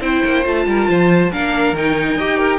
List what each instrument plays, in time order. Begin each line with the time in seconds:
0.00 cello C4, viola E4, violin C5 G5
0.25 cello A#3
0.43 cello A3, viola F4, violin A5
0.66 cello G3, violin A#4
0.89 cello F3, violin C5
1.32 cello A#3, viola D4, violin A#4 F5
1.73 cello D#3, viola D#4, violin G5
2.15 cello D#4, viola G4, violin D#5
2.38 violin A#4